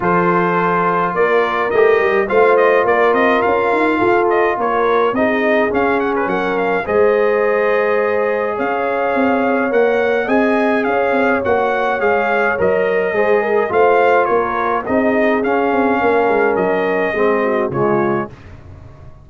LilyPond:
<<
  \new Staff \with { instrumentName = "trumpet" } { \time 4/4 \tempo 4 = 105 c''2 d''4 dis''4 | f''8 dis''8 d''8 dis''8 f''4. dis''8 | cis''4 dis''4 f''8 fis''16 b'16 fis''8 f''8 | dis''2. f''4~ |
f''4 fis''4 gis''4 f''4 | fis''4 f''4 dis''2 | f''4 cis''4 dis''4 f''4~ | f''4 dis''2 cis''4 | }
  \new Staff \with { instrumentName = "horn" } { \time 4/4 a'2 ais'2 | c''4 ais'2 a'4 | ais'4 gis'2 ais'4 | c''2. cis''4~ |
cis''2 dis''4 cis''4~ | cis''2. c''8 ais'8 | c''4 ais'4 gis'2 | ais'2 gis'8 fis'8 f'4 | }
  \new Staff \with { instrumentName = "trombone" } { \time 4/4 f'2. g'4 | f'1~ | f'4 dis'4 cis'2 | gis'1~ |
gis'4 ais'4 gis'2 | fis'4 gis'4 ais'4 gis'4 | f'2 dis'4 cis'4~ | cis'2 c'4 gis4 | }
  \new Staff \with { instrumentName = "tuba" } { \time 4/4 f2 ais4 a8 g8 | a4 ais8 c'8 cis'8 dis'8 f'4 | ais4 c'4 cis'4 fis4 | gis2. cis'4 |
c'4 ais4 c'4 cis'8 c'8 | ais4 gis4 fis4 gis4 | a4 ais4 c'4 cis'8 c'8 | ais8 gis8 fis4 gis4 cis4 | }
>>